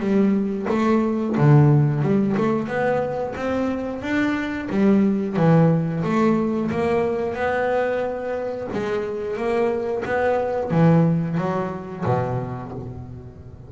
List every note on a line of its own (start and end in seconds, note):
0.00 0.67 G3
0.70 1.36 A3
1.38 2.02 D3
2.02 2.36 G3
2.38 2.68 A3
2.68 3.35 B3
3.36 4.02 C4
4.02 4.69 D4
4.70 5.37 G3
5.37 6.03 E3
6.04 6.71 A3
6.72 7.35 A#3
7.35 8.68 B3
8.73 9.37 G#3
9.37 10.04 A#3
10.05 10.71 B3
10.71 11.38 E3
11.38 12.05 F#3
12.05 12.72 B2